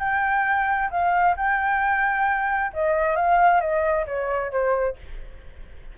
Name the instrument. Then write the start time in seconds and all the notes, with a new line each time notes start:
flute
0.00 G5
0.91 F5
1.37 G5
2.74 D#5
3.16 F5
3.61 D#5
4.07 C#5
4.52 C5